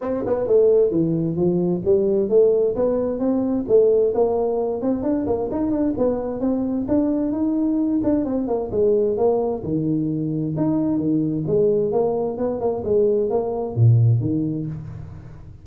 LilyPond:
\new Staff \with { instrumentName = "tuba" } { \time 4/4 \tempo 4 = 131 c'8 b8 a4 e4 f4 | g4 a4 b4 c'4 | a4 ais4. c'8 d'8 ais8 | dis'8 d'8 b4 c'4 d'4 |
dis'4. d'8 c'8 ais8 gis4 | ais4 dis2 dis'4 | dis4 gis4 ais4 b8 ais8 | gis4 ais4 ais,4 dis4 | }